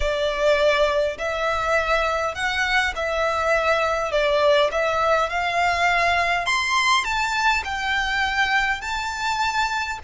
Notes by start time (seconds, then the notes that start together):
0.00 D5
1.17 E5
2.34 F#5
2.95 E5
4.11 D5
4.71 E5
5.29 F5
6.45 C6
7.04 A5
7.64 G5
8.81 A5